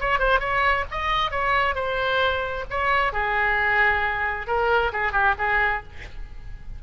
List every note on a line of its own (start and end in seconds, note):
0.00 0.19 C#5
0.19 0.40 C5
0.40 0.85 C#5
0.91 1.31 D#5
1.31 1.75 C#5
1.75 2.65 C5
2.70 3.13 C#5
3.13 4.47 G#4
4.47 4.92 A#4
4.93 5.12 G#4
5.12 5.35 G4
5.38 5.83 G#4